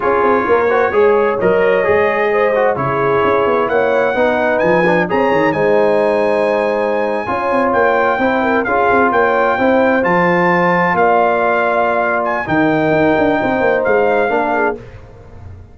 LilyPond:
<<
  \new Staff \with { instrumentName = "trumpet" } { \time 4/4 \tempo 4 = 130 cis''2. dis''4~ | dis''2 cis''2 | fis''2 gis''4 ais''4 | gis''1~ |
gis''8. g''2 f''4 g''16~ | g''4.~ g''16 a''2 f''16~ | f''2~ f''8 gis''8 g''4~ | g''2 f''2 | }
  \new Staff \with { instrumentName = "horn" } { \time 4/4 gis'4 ais'8 c''8 cis''2~ | cis''4 c''4 gis'2 | cis''4 b'2 cis''4 | c''2.~ c''8. cis''16~ |
cis''4.~ cis''16 c''8 ais'8 gis'4 cis''16~ | cis''8. c''2. d''16~ | d''2. ais'4~ | ais'4 c''2 ais'8 gis'8 | }
  \new Staff \with { instrumentName = "trombone" } { \time 4/4 f'4. fis'8 gis'4 ais'4 | gis'4. fis'8 e'2~ | e'4 dis'4. d'8 gis'4 | dis'2.~ dis'8. f'16~ |
f'4.~ f'16 e'4 f'4~ f'16~ | f'8. e'4 f'2~ f'16~ | f'2. dis'4~ | dis'2. d'4 | }
  \new Staff \with { instrumentName = "tuba" } { \time 4/4 cis'8 c'8 ais4 gis4 fis4 | gis2 cis4 cis'8 b8 | ais4 b4 f4 c'8 dis8 | gis2.~ gis8. cis'16~ |
cis'16 c'8 ais4 c'4 cis'8 c'8 ais16~ | ais8. c'4 f2 ais16~ | ais2. dis4 | dis'8 d'8 c'8 ais8 gis4 ais4 | }
>>